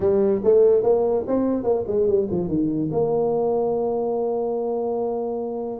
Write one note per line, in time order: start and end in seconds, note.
0.00 0.41 G3
0.44 0.83 A3
0.83 1.25 A#3
1.27 1.63 C4
1.63 1.84 A#3
1.87 2.07 G#3
2.07 2.28 G3
2.30 2.48 F3
2.48 2.89 D#3
2.91 5.80 A#3